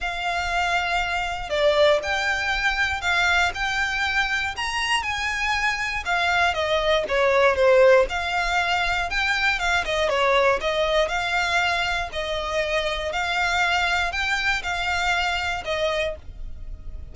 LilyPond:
\new Staff \with { instrumentName = "violin" } { \time 4/4 \tempo 4 = 119 f''2. d''4 | g''2 f''4 g''4~ | g''4 ais''4 gis''2 | f''4 dis''4 cis''4 c''4 |
f''2 g''4 f''8 dis''8 | cis''4 dis''4 f''2 | dis''2 f''2 | g''4 f''2 dis''4 | }